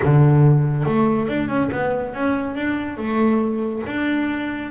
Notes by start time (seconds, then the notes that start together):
0.02 D3
0.85 A3
1.28 D4
1.48 C#4
1.71 B3
2.14 C#4
2.55 D4
2.97 A3
3.86 D4